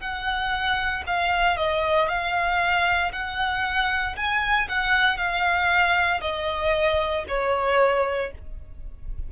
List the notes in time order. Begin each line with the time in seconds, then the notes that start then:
0.00 F#5
1.07 F5
1.58 D#5
2.09 F5
3.13 F#5
4.17 G#5
4.69 F#5
5.17 F5
6.21 D#5
7.28 C#5